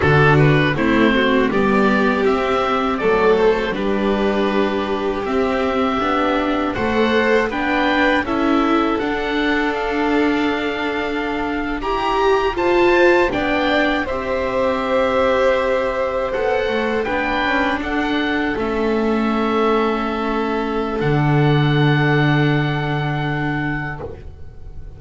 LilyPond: <<
  \new Staff \with { instrumentName = "oboe" } { \time 4/4 \tempo 4 = 80 a'8 b'8 c''4 d''4 e''4 | d''8 c''8 b'2 e''4~ | e''4 fis''4 g''4 e''4 | fis''4 f''2~ f''8. ais''16~ |
ais''8. a''4 g''4 e''4~ e''16~ | e''4.~ e''16 fis''4 g''4 fis''16~ | fis''8. e''2.~ e''16 | fis''1 | }
  \new Staff \with { instrumentName = "violin" } { \time 4/4 fis'4 e'8 fis'8 g'2 | a'4 g'2.~ | g'4 c''4 b'4 a'4~ | a'2.~ a'8. g'16~ |
g'8. c''4 d''4 c''4~ c''16~ | c''2~ c''8. b'4 a'16~ | a'1~ | a'1 | }
  \new Staff \with { instrumentName = "viola" } { \time 4/4 d'4 c'4 b4 c'4 | a4 d'2 c'4 | d'4 a'4 d'4 e'4 | d'2.~ d'8. g'16~ |
g'8. f'4 d'4 g'4~ g'16~ | g'4.~ g'16 a'4 d'4~ d'16~ | d'8. cis'2.~ cis'16 | d'1 | }
  \new Staff \with { instrumentName = "double bass" } { \time 4/4 d4 a4 g4 c'4 | fis4 g2 c'4 | b4 a4 b4 cis'4 | d'2.~ d'8. e'16~ |
e'8. f'4 b4 c'4~ c'16~ | c'4.~ c'16 b8 a8 b8 cis'8 d'16~ | d'8. a2.~ a16 | d1 | }
>>